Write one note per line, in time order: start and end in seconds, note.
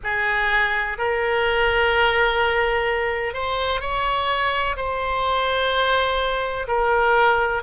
0.03 0.97 G#4
0.97 3.33 A#4
3.33 3.81 C5
3.81 4.76 C#5
4.76 6.67 C5
6.67 7.62 A#4